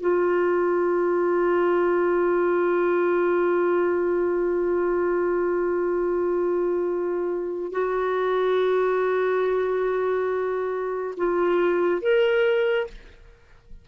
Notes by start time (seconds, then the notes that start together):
0.00 F4
7.71 F#4
11.17 F4
12.01 A#4